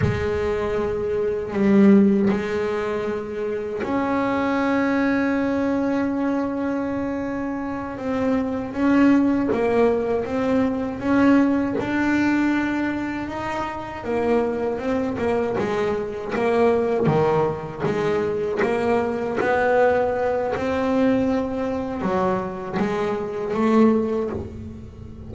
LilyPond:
\new Staff \with { instrumentName = "double bass" } { \time 4/4 \tempo 4 = 79 gis2 g4 gis4~ | gis4 cis'2.~ | cis'2~ cis'8 c'4 cis'8~ | cis'8 ais4 c'4 cis'4 d'8~ |
d'4. dis'4 ais4 c'8 | ais8 gis4 ais4 dis4 gis8~ | gis8 ais4 b4. c'4~ | c'4 fis4 gis4 a4 | }